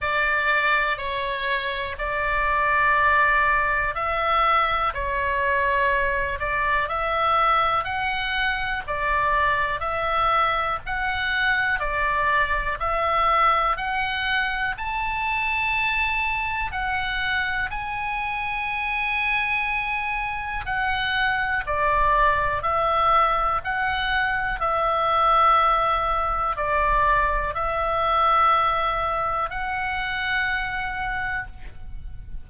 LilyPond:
\new Staff \with { instrumentName = "oboe" } { \time 4/4 \tempo 4 = 61 d''4 cis''4 d''2 | e''4 cis''4. d''8 e''4 | fis''4 d''4 e''4 fis''4 | d''4 e''4 fis''4 a''4~ |
a''4 fis''4 gis''2~ | gis''4 fis''4 d''4 e''4 | fis''4 e''2 d''4 | e''2 fis''2 | }